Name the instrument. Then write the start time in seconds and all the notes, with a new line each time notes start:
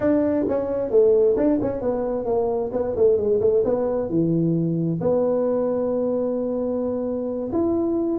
tuba
0.00 D4
0.48 C#4
0.90 A3
1.36 D4
1.61 C#4
1.81 B3
2.25 A#3
2.72 B3
2.95 A3
3.17 G#3
3.40 A3
3.64 B3
4.09 E3
5.01 B3
7.52 E4